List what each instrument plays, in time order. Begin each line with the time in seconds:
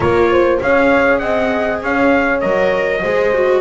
0.00 double bass A#3, viola F4, horn A#4, trumpet C#5
0.30 horn C5
0.60 double bass C#4, viola G#4, horn C#5, trumpet F5
1.18 double bass C4, horn D#5, trumpet F#5
1.82 double bass C#4, horn C#5, trumpet F5
2.40 double bass F#3, viola A#4, trumpet D#5
3.01 double bass G#3, viola G#4, horn C5
3.34 viola F#4